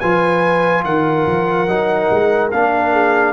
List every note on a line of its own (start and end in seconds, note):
0.00 0.84 F3
0.00 1.68 F4
0.00 0.84 B4
0.00 0.83 G#5
0.84 1.26 D#3
0.84 2.92 A#4
0.84 2.51 F#5
1.27 1.68 F3
1.68 2.10 F#3
1.68 2.51 D#4
2.10 2.52 G#3
2.51 3.33 A#3
2.51 3.33 D4
2.51 3.33 F5
2.92 3.33 G#4